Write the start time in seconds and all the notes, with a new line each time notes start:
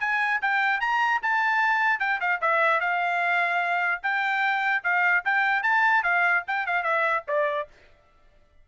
0.00 G#5
0.41 G5
0.80 A#5
1.22 A5
2.00 G5
2.20 F5
2.41 E5
2.80 F5
4.02 G5
4.84 F5
5.25 G5
5.63 A5
6.03 F5
6.47 G5
6.66 F5
6.83 E5
7.28 D5